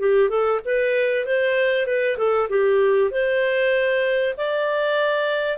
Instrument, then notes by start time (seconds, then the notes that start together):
clarinet
0.00 G4
0.30 A4
0.65 B4
1.26 C5
1.87 B4
2.18 A4
2.50 G4
3.11 C5
4.38 D5